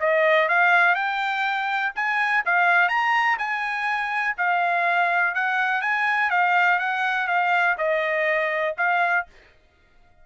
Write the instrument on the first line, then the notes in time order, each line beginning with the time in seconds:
trumpet
0.00 D#5
0.49 F5
0.95 G5
1.95 G#5
2.46 F5
2.89 A#5
3.38 G#5
4.38 F5
5.35 F#5
5.82 G#5
6.31 F5
6.79 F#5
7.27 F5
7.78 D#5
8.78 F5